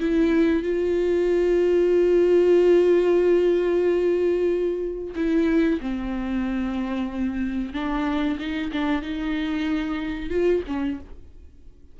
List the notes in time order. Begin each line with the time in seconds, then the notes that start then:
0.00 E4
0.63 F4
5.16 E4
5.81 C4
7.74 D4
8.39 D#4
8.72 D4
9.02 D#4
10.30 F4
10.67 C#4